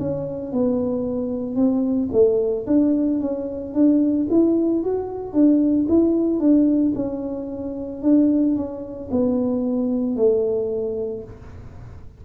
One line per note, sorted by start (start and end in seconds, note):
0.00 0.53 C#4
0.53 1.56 B3
1.56 2.09 C4
2.13 2.66 A3
2.67 3.21 D4
3.21 3.75 C#4
3.75 4.28 D4
4.31 4.84 E4
4.84 5.33 F#4
5.33 5.87 D4
5.89 6.40 E4
6.40 6.94 D4
6.95 8.03 C#4
8.03 8.56 D4
8.56 9.10 C#4
9.11 10.17 B3
10.17 11.24 A3